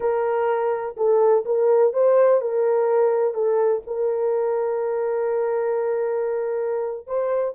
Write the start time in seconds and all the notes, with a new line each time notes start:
0.00 A#4
0.96 A4
1.45 A#4
1.93 C5
2.41 A#4
3.34 A4
3.86 A#4
7.06 C5